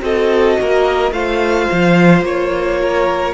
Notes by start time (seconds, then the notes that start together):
0.00 C4 F#4 A4 D#5
0.60 A#3 A#4
1.12 A3 F4 C5 F5
1.71 F3
2.22 A#3 C#5
2.81 A#4